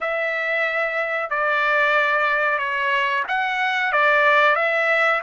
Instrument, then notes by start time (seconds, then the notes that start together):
trumpet
0.00 E5
1.30 D5
2.58 C#5
3.28 F#5
3.92 D5
4.55 E5